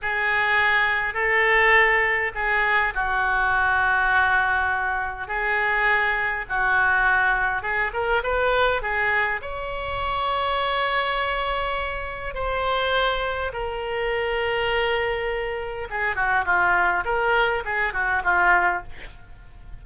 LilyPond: \new Staff \with { instrumentName = "oboe" } { \time 4/4 \tempo 4 = 102 gis'2 a'2 | gis'4 fis'2.~ | fis'4 gis'2 fis'4~ | fis'4 gis'8 ais'8 b'4 gis'4 |
cis''1~ | cis''4 c''2 ais'4~ | ais'2. gis'8 fis'8 | f'4 ais'4 gis'8 fis'8 f'4 | }